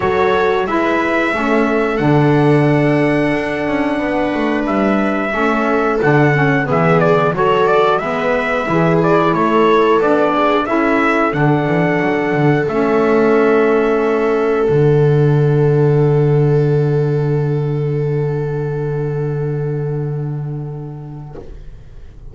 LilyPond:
<<
  \new Staff \with { instrumentName = "trumpet" } { \time 4/4 \tempo 4 = 90 cis''4 e''2 fis''4~ | fis''2. e''4~ | e''4 fis''4 e''8 d''8 cis''8 d''8 | e''4. d''8 cis''4 d''4 |
e''4 fis''2 e''4~ | e''2 fis''2~ | fis''1~ | fis''1 | }
  \new Staff \with { instrumentName = "viola" } { \time 4/4 a'4 b'4 a'2~ | a'2 b'2 | a'2 gis'4 a'4 | b'4 gis'4 a'4. gis'8 |
a'1~ | a'1~ | a'1~ | a'1 | }
  \new Staff \with { instrumentName = "saxophone" } { \time 4/4 fis'4 e'4 cis'4 d'4~ | d'1 | cis'4 d'8 cis'8 b4 fis'4 | b4 e'2 d'4 |
e'4 d'2 cis'4~ | cis'2 d'2~ | d'1~ | d'1 | }
  \new Staff \with { instrumentName = "double bass" } { \time 4/4 fis4 gis4 a4 d4~ | d4 d'8 cis'8 b8 a8 g4 | a4 d4 e4 fis4 | gis4 e4 a4 b4 |
cis'4 d8 e8 fis8 d8 a4~ | a2 d2~ | d1~ | d1 | }
>>